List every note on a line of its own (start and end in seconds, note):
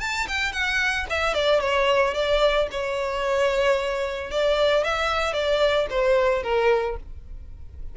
0.00 0.27 A5
0.28 0.52 G5
0.52 1.06 F#5
1.09 1.34 E5
1.34 1.60 D5
1.60 2.14 C#5
2.14 2.67 D5
2.71 4.31 C#5
4.31 4.84 D5
4.84 5.33 E5
5.33 5.87 D5
5.90 6.43 C5
6.43 6.96 A#4